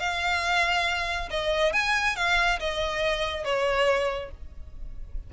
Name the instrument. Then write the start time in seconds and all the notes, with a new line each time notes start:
violin
0.00 F5
1.31 D#5
1.73 G#5
2.16 F5
2.60 D#5
3.45 C#5